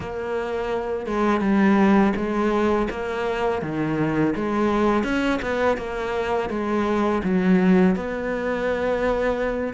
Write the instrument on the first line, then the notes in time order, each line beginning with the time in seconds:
cello
0.00 A#3
1.06 G#3
1.41 G3
2.16 G#3
2.90 A#3
3.61 D#3
4.35 G#3
5.03 C#4
5.42 B3
5.77 A#3
6.49 G#3
7.23 F#3
7.95 B3